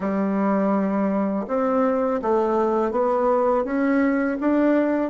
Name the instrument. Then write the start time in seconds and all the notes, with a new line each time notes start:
bassoon
0.00 G3
1.47 C4
2.22 A3
2.91 B3
3.64 C#4
4.40 D4